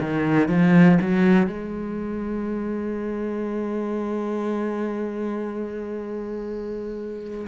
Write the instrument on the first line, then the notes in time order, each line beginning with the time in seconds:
cello
0.00 D#3
0.48 F3
1.01 F#3
1.47 G#3